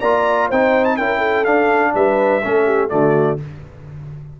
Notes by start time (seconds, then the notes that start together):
0.00 A#3 F4 D5 A#5
0.48 C4 D#4 C5 G5
0.84 A5
0.97 C#4 E4 A#4 G5
1.18 A4
1.44 D4 F5
1.94 G3 B4 E5
2.43 A3 C#4 A4
2.66 G4
2.89 D3 A3 F#4 D5